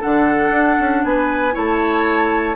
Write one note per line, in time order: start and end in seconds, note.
0.00 0.50 D3
0.00 1.52 D4
0.00 1.03 A4
0.00 1.04 F#5
0.50 0.76 D4
0.79 1.04 C#4
1.04 1.55 B3
1.04 1.54 B4
1.04 1.55 G#5
1.52 2.56 A3
1.52 2.54 E4
1.52 2.56 C#5
1.52 2.56 A5